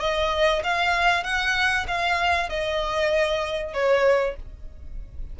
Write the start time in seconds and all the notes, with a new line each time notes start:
0.00 D#5
0.64 F5
1.24 F#5
1.88 F5
2.49 D#5
3.74 C#5